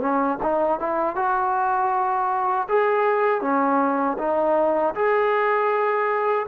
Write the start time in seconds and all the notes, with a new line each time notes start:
0.00 C#4
0.42 D#4
0.79 E4
1.16 F#4
2.69 G#4
3.41 C#4
4.18 D#4
4.95 G#4